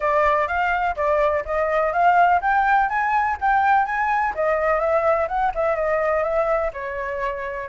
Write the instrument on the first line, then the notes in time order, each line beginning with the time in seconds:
flute
0.00 D5
0.47 F5
0.96 D5
1.45 D#5
1.92 F5
2.41 G5
2.89 G#5
3.40 G5
3.85 G#5
4.34 D#5
4.79 E5
5.28 F#5
5.54 E5
5.75 D#5
6.23 E5
6.73 C#5